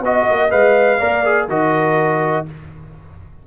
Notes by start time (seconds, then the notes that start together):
0.00 B3 F#4 D#5
0.30 A#3
0.50 G#3 B4 F5
0.98 A#3 A#4 D5
1.24 G#4
1.48 D#3 F#4 A#4 D#5